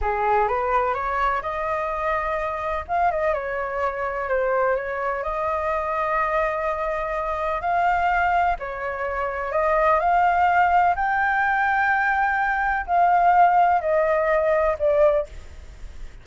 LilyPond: \new Staff \with { instrumentName = "flute" } { \time 4/4 \tempo 4 = 126 gis'4 b'4 cis''4 dis''4~ | dis''2 f''8 dis''8 cis''4~ | cis''4 c''4 cis''4 dis''4~ | dis''1 |
f''2 cis''2 | dis''4 f''2 g''4~ | g''2. f''4~ | f''4 dis''2 d''4 | }